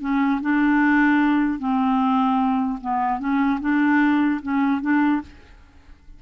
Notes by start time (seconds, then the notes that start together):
0.00 C#4
0.41 D4
1.59 C4
2.81 B3
3.19 C#4
3.60 D4
4.42 C#4
4.81 D4